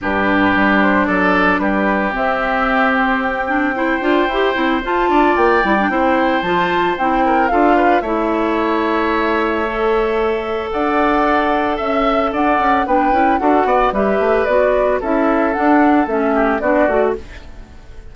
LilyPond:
<<
  \new Staff \with { instrumentName = "flute" } { \time 4/4 \tempo 4 = 112 b'4. c''8 d''4 b'4 | e''4. c''8 g''2~ | g''4 a''4 g''2 | a''4 g''4 f''4 e''4~ |
e''1 | fis''2 e''4 fis''4 | g''4 fis''4 e''4 d''4 | e''4 fis''4 e''4 d''4 | }
  \new Staff \with { instrumentName = "oboe" } { \time 4/4 g'2 a'4 g'4~ | g'2. c''4~ | c''4. d''4. c''4~ | c''4. ais'8 a'8 b'8 cis''4~ |
cis''1 | d''2 e''4 d''4 | b'4 a'8 d''8 b'2 | a'2~ a'8 g'8 fis'4 | }
  \new Staff \with { instrumentName = "clarinet" } { \time 4/4 d'1 | c'2~ c'8 d'8 e'8 f'8 | g'8 e'8 f'4. e'16 d'16 e'4 | f'4 e'4 f'4 e'4~ |
e'2 a'2~ | a'1 | d'8 e'8 fis'4 g'4 fis'4 | e'4 d'4 cis'4 d'8 fis'8 | }
  \new Staff \with { instrumentName = "bassoon" } { \time 4/4 g,4 g4 fis4 g4 | c'2.~ c'8 d'8 | e'8 c'8 f'8 d'8 ais8 g8 c'4 | f4 c'4 d'4 a4~ |
a1 | d'2 cis'4 d'8 cis'8 | b8 cis'8 d'8 b8 g8 a8 b4 | cis'4 d'4 a4 b8 a8 | }
>>